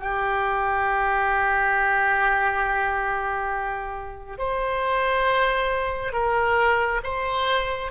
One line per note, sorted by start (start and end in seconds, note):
0.00 4.38 G4
4.38 6.13 C5
6.13 7.01 A#4
7.03 7.91 C5